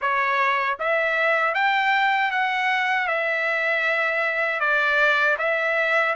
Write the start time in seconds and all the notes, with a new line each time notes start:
0.01 C#5
0.79 E5
1.54 G5
2.31 F#5
3.07 E5
4.60 D5
5.38 E5